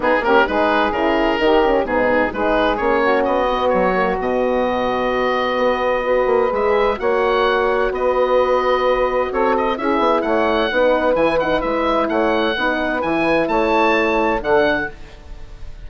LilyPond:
<<
  \new Staff \with { instrumentName = "oboe" } { \time 4/4 \tempo 4 = 129 gis'8 ais'8 b'4 ais'2 | gis'4 b'4 cis''4 dis''4 | cis''4 dis''2.~ | dis''2 e''4 fis''4~ |
fis''4 dis''2. | cis''8 dis''8 e''4 fis''2 | gis''8 fis''8 e''4 fis''2 | gis''4 a''2 fis''4 | }
  \new Staff \with { instrumentName = "saxophone" } { \time 4/4 dis'8 g'8 gis'2 g'4 | dis'4 gis'4. fis'4.~ | fis'1~ | fis'4 b'2 cis''4~ |
cis''4 b'2. | a'4 gis'4 cis''4 b'4~ | b'2 cis''4 b'4~ | b'4 cis''2 a'4 | }
  \new Staff \with { instrumentName = "horn" } { \time 4/4 b8 cis'8 dis'4 e'4 dis'8 cis'8 | b4 dis'4 cis'4. b8~ | b8 ais8 b2.~ | b4 fis'4 gis'4 fis'4~ |
fis'1~ | fis'4 e'2 dis'4 | e'8 dis'8 e'2 dis'4 | e'2. d'4 | }
  \new Staff \with { instrumentName = "bassoon" } { \time 4/4 b8 ais8 gis4 cis4 dis4 | gis,4 gis4 ais4 b4 | fis4 b,2. | b4. ais8 gis4 ais4~ |
ais4 b2. | c'4 cis'8 b8 a4 b4 | e4 gis4 a4 b4 | e4 a2 d4 | }
>>